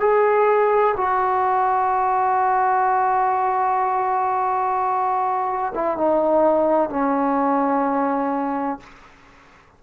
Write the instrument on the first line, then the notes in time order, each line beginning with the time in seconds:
trombone
0.00 G#4
0.97 F#4
5.75 E4
5.97 D#4
6.90 C#4